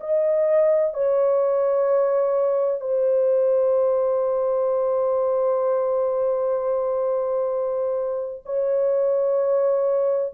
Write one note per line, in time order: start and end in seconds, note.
0.00 0.94 D#5
0.94 2.80 C#5
2.80 8.43 C5
8.45 10.33 C#5